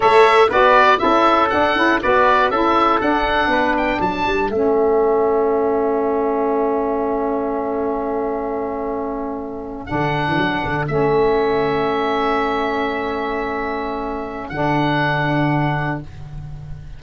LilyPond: <<
  \new Staff \with { instrumentName = "oboe" } { \time 4/4 \tempo 4 = 120 e''4 d''4 e''4 fis''4 | d''4 e''4 fis''4. g''8 | a''4 e''2.~ | e''1~ |
e''2.~ e''8. fis''16~ | fis''4.~ fis''16 e''2~ e''16~ | e''1~ | e''4 fis''2. | }
  \new Staff \with { instrumentName = "trumpet" } { \time 4/4 cis''4 b'4 a'2 | b'4 a'2 b'4 | a'1~ | a'1~ |
a'1~ | a'1~ | a'1~ | a'1 | }
  \new Staff \with { instrumentName = "saxophone" } { \time 4/4 a'4 fis'4 e'4 d'8 e'8 | fis'4 e'4 d'2~ | d'4 cis'2.~ | cis'1~ |
cis'2.~ cis'8. d'16~ | d'4.~ d'16 cis'2~ cis'16~ | cis'1~ | cis'4 d'2. | }
  \new Staff \with { instrumentName = "tuba" } { \time 4/4 a4 b4 cis'4 d'8 cis'8 | b4 cis'4 d'4 b4 | fis8 g8 a2.~ | a1~ |
a2.~ a8. d16~ | d8 e16 fis8 d8 a2~ a16~ | a1~ | a4 d2. | }
>>